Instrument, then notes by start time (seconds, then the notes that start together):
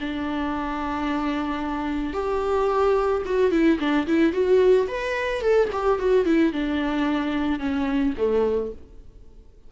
viola
0.00 D4
2.13 G4
3.25 F#4
3.51 E4
3.79 D4
4.07 E4
4.32 F#4
4.88 B4
5.41 A4
5.72 G4
5.99 F#4
6.25 E4
6.53 D4
7.59 C#4
8.17 A3